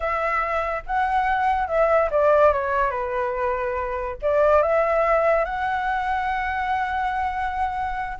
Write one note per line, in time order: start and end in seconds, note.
0.00 0.82 E5
0.86 1.67 F#5
1.67 2.09 E5
2.11 2.52 D5
2.52 2.90 C#5
2.90 4.16 B4
4.21 4.62 D5
4.62 5.45 E5
5.45 8.17 F#5